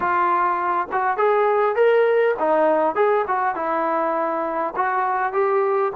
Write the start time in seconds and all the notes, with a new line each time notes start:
0.00 F4
0.92 F#4
1.17 G#4
1.75 A#4
2.39 D#4
2.95 G#4
3.27 F#4
3.55 E4
4.76 F#4
5.32 G4